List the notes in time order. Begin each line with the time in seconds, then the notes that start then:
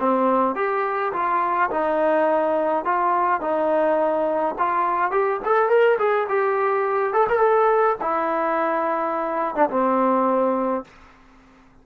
0.00 C4
0.56 G4
1.13 F4
1.71 D#4
2.85 F4
3.41 D#4
4.59 F4
5.12 G4
5.45 A4
5.70 A#4
5.99 G#4
6.29 G4
7.14 A4
7.30 A#4
7.40 A4
8.02 E4
9.56 D4
9.70 C4